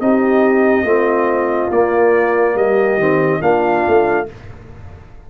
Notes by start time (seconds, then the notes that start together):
0.00 C4 D#4 G4 D#5
0.83 A3 C4 F4
1.70 A#3 D5
2.55 G3 G4 D#5
2.97 D#3 C4
3.41 A#3 D4 F4 F5
3.87 A3